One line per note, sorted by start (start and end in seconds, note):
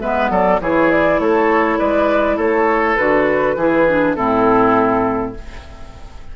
0.00 0.30 G#3
0.00 0.61 B3
0.00 0.31 B4
0.00 0.30 E5
0.30 0.60 F#3
0.30 0.61 A4
0.30 0.61 D5
0.61 1.20 E3
0.61 2.98 E4
0.61 1.21 G#4
0.61 0.91 C#5
0.91 1.20 D5
1.20 1.79 A3
1.20 1.79 A4
1.20 1.79 C#5
1.79 2.38 G#3
1.79 2.37 B4
1.79 2.38 D5
2.37 2.97 A3
2.37 3.55 A4
2.37 2.96 C#5
2.96 3.56 D3
2.96 3.57 F#4
2.96 4.15 B4
3.56 4.15 E3
3.56 3.88 E4
3.56 4.17 G#4
3.88 4.16 D4
4.15 5.36 A2
4.15 5.35 C4
4.15 5.36 E4
4.15 5.34 A4